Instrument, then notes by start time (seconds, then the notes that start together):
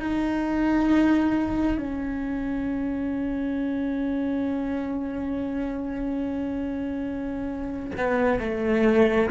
cello
0.00 D#4
1.78 C#4
7.98 B3
8.40 A3